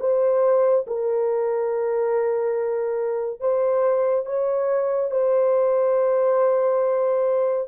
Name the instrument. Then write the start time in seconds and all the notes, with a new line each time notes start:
horn
0.00 C5
0.87 A#4
3.41 C5
4.26 C#5
5.12 C5